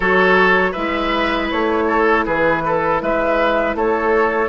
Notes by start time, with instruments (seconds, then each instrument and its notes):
0.00 bassoon F#3, clarinet F#4, oboe A4, flute C#5
0.71 bassoon G#3, clarinet E4, oboe B4, flute E5
1.50 bassoon A3, flute C#5
1.87 oboe A4
2.25 bassoon E3, oboe G#4, flute B4
2.65 oboe A4
3.01 bassoon G#3, oboe B4, flute E5
3.74 bassoon A3, oboe A4, flute C#5